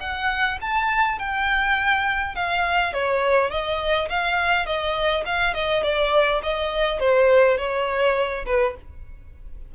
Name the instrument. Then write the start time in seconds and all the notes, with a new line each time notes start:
violin
0.00 F#5
0.61 A5
1.19 G5
2.35 F5
2.93 C#5
3.51 D#5
4.09 F5
4.66 D#5
5.26 F5
5.54 D#5
5.83 D5
6.43 D#5
7.00 C5
7.58 C#5
8.46 B4